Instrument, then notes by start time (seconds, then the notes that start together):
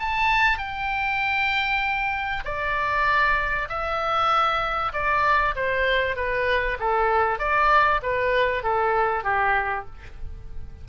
oboe
0.00 A5
0.58 G5
2.45 D5
3.69 E5
4.93 D5
5.56 C5
6.16 B4
6.80 A4
7.39 D5
8.03 B4
8.64 A4
9.24 G4